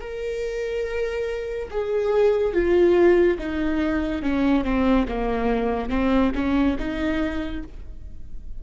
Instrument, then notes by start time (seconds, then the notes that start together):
viola
0.00 A#4
1.71 G#4
2.53 F4
3.38 D#4
4.23 C#4
4.64 C4
5.08 A#3
5.90 C4
6.35 C#4
6.79 D#4